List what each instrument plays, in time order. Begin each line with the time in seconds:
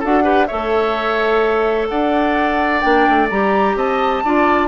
0.00 bassoon D4, clarinet F#4, oboe A4, flute F#5
0.23 clarinet G4, oboe B4
0.47 bassoon A3, clarinet A4, oboe C#5, flute E5
1.89 bassoon D4, oboe D5, flute F#5
2.80 bassoon A#3, clarinet D4, flute G5
3.09 bassoon A3
3.30 bassoon G3, clarinet G4, flute A#5
3.76 bassoon C4, oboe D#5, flute A5
4.25 bassoon D4, clarinet F4, oboe D5